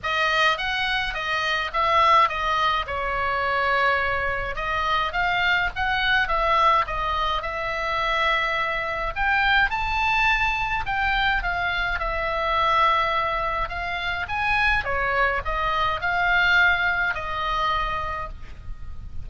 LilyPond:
\new Staff \with { instrumentName = "oboe" } { \time 4/4 \tempo 4 = 105 dis''4 fis''4 dis''4 e''4 | dis''4 cis''2. | dis''4 f''4 fis''4 e''4 | dis''4 e''2. |
g''4 a''2 g''4 | f''4 e''2. | f''4 gis''4 cis''4 dis''4 | f''2 dis''2 | }